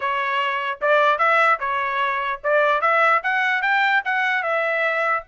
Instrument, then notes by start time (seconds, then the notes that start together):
trumpet
0.00 C#5
0.81 D5
1.18 E5
1.59 C#5
2.43 D5
2.81 E5
3.23 F#5
3.61 G5
4.04 F#5
4.42 E5